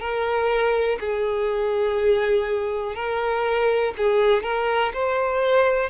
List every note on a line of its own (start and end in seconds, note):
0.00 0.98 A#4
1.00 2.95 G#4
2.95 3.93 A#4
3.97 4.43 G#4
4.43 4.92 A#4
4.93 5.90 C5